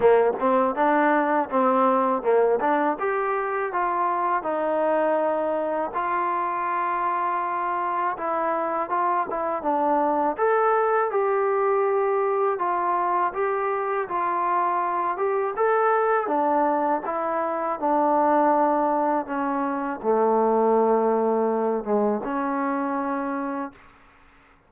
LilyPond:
\new Staff \with { instrumentName = "trombone" } { \time 4/4 \tempo 4 = 81 ais8 c'8 d'4 c'4 ais8 d'8 | g'4 f'4 dis'2 | f'2. e'4 | f'8 e'8 d'4 a'4 g'4~ |
g'4 f'4 g'4 f'4~ | f'8 g'8 a'4 d'4 e'4 | d'2 cis'4 a4~ | a4. gis8 cis'2 | }